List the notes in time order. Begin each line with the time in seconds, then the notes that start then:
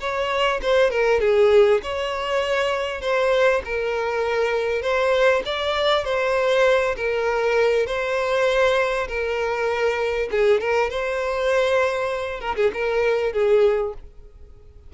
0.00 C#5
0.62 C5
0.91 A#4
1.21 G#4
1.83 C#5
3.01 C5
3.65 A#4
4.82 C5
5.45 D5
6.05 C5
6.97 A#4
7.86 C5
9.08 A#4
10.31 G#4
10.61 A#4
10.90 C5
12.40 A#4
12.56 G#4
12.74 A#4
13.33 G#4